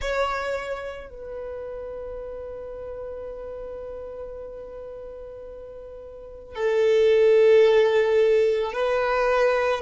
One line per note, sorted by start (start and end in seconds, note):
0.00 1.10 C#5
1.10 6.55 B4
6.55 8.72 A4
8.72 9.81 B4